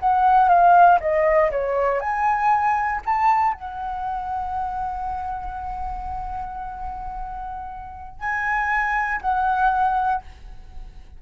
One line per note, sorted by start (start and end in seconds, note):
0.00 0.49 F#5
0.49 0.99 F5
1.01 1.51 D#5
1.51 2.00 C#5
2.00 3.01 G#5
3.05 3.54 A5
3.54 8.20 F#5
8.20 9.21 G#5
9.22 10.22 F#5